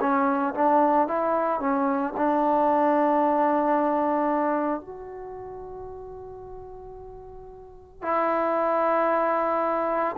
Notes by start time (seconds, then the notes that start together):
0.00 C#4
0.54 D4
1.07 E4
1.60 C#4
2.17 D4
4.81 F#4
8.02 E4